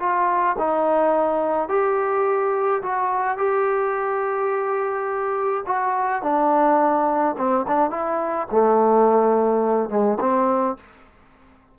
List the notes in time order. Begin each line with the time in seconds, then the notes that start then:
0.00 F4
0.59 D#4
1.69 G4
2.83 F#4
3.38 G4
5.67 F#4
6.23 D4
7.38 C4
7.68 D4
7.91 E4
8.52 A3
9.90 G#3
10.21 C4